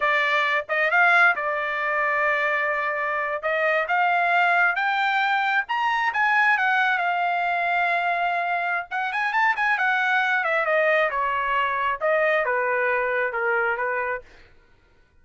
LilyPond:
\new Staff \with { instrumentName = "trumpet" } { \time 4/4 \tempo 4 = 135 d''4. dis''8 f''4 d''4~ | d''2.~ d''8. dis''16~ | dis''8. f''2 g''4~ g''16~ | g''8. ais''4 gis''4 fis''4 f''16~ |
f''1 | fis''8 gis''8 a''8 gis''8 fis''4. e''8 | dis''4 cis''2 dis''4 | b'2 ais'4 b'4 | }